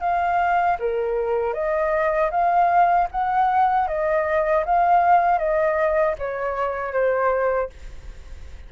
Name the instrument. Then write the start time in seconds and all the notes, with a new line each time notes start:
flute
0.00 F5
0.79 A#4
1.53 D#5
2.31 F5
3.11 F#5
3.87 D#5
4.65 F5
5.38 D#5
6.18 C#5
6.93 C5